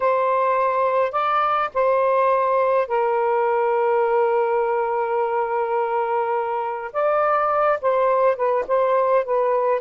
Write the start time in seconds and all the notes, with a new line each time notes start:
0.00 C5
1.12 D5
1.73 C5
2.87 A#4
6.92 D5
7.81 C5
8.36 B4
8.67 C5
9.24 B4